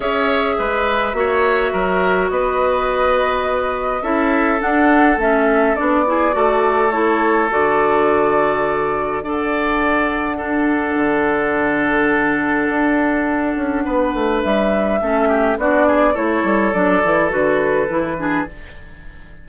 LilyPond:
<<
  \new Staff \with { instrumentName = "flute" } { \time 4/4 \tempo 4 = 104 e''1 | dis''2. e''4 | fis''4 e''4 d''2 | cis''4 d''2. |
fis''1~ | fis''1~ | fis''4 e''2 d''4 | cis''4 d''4 b'2 | }
  \new Staff \with { instrumentName = "oboe" } { \time 4/4 cis''4 b'4 cis''4 ais'4 | b'2. a'4~ | a'2~ a'8 gis'8 a'4~ | a'1 |
d''2 a'2~ | a'1 | b'2 a'8 g'8 fis'8 gis'8 | a'2.~ a'8 gis'8 | }
  \new Staff \with { instrumentName = "clarinet" } { \time 4/4 gis'2 fis'2~ | fis'2. e'4 | d'4 cis'4 d'8 e'8 fis'4 | e'4 fis'2. |
a'2 d'2~ | d'1~ | d'2 cis'4 d'4 | e'4 d'8 e'8 fis'4 e'8 d'8 | }
  \new Staff \with { instrumentName = "bassoon" } { \time 4/4 cis'4 gis4 ais4 fis4 | b2. cis'4 | d'4 a4 b4 a4~ | a4 d2. |
d'2. d4~ | d2 d'4. cis'8 | b8 a8 g4 a4 b4 | a8 g8 fis8 e8 d4 e4 | }
>>